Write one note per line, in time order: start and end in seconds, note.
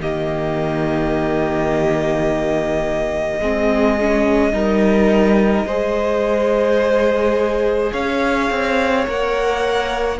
0.00 3.40 D#3
0.00 3.41 A#3
0.00 3.40 G4
0.00 7.92 D#5
3.40 4.53 G#3
3.40 3.99 C4
3.40 4.54 G#4
4.00 4.53 C#4
4.53 5.65 G3
4.53 5.66 D#4
4.53 5.67 A#4
5.65 7.92 G#3
5.65 9.05 G#4
5.65 7.92 C5
7.92 8.50 C#4
7.92 10.19 C#5
7.92 9.06 F5
8.50 9.07 C4
9.05 10.20 A#3
9.05 10.18 A#4
9.05 10.20 F#5